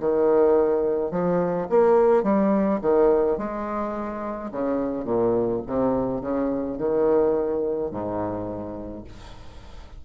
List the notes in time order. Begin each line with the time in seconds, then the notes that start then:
0.00 D#3
1.11 F3
1.69 A#3
2.23 G3
2.81 D#3
3.38 G#3
4.51 C#3
5.05 A#2
5.67 C3
6.21 C#3
6.78 D#3
7.91 G#2